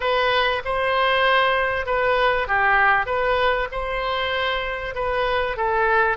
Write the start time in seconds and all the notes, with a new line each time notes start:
0.00 B4
0.64 C5
1.86 B4
2.47 G4
3.06 B4
3.71 C5
4.95 B4
5.56 A4